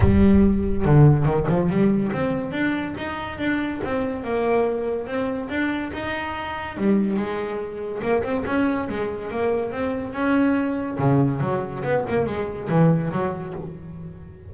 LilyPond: \new Staff \with { instrumentName = "double bass" } { \time 4/4 \tempo 4 = 142 g2 d4 dis8 f8 | g4 c'4 d'4 dis'4 | d'4 c'4 ais2 | c'4 d'4 dis'2 |
g4 gis2 ais8 c'8 | cis'4 gis4 ais4 c'4 | cis'2 cis4 fis4 | b8 ais8 gis4 e4 fis4 | }